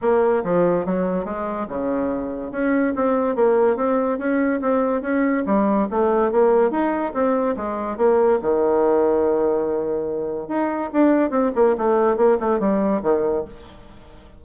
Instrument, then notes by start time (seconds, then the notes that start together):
bassoon
0.01 A#3
0.43 F3
0.85 F#3
1.25 G#3
1.68 C#3
2.51 C#4
2.95 C4
3.35 A#3
3.76 C4
4.18 C#4
4.61 C4
5.01 C#4
5.45 G3
5.90 A3
6.31 A#3
6.70 D#4
7.13 C4
7.56 G#3
7.97 A#3
8.42 D#3
10.48 D#4
10.92 D4
11.30 C4
11.55 A#3
11.77 A3
12.16 A#3
12.39 A3
12.59 G3
13.02 D#3